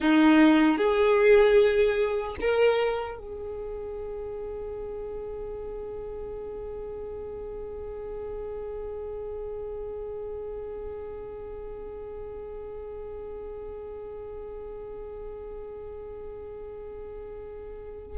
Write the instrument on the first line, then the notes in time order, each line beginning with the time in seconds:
violin
0.00 D#4
0.77 G#4
2.40 A#4
3.18 G#4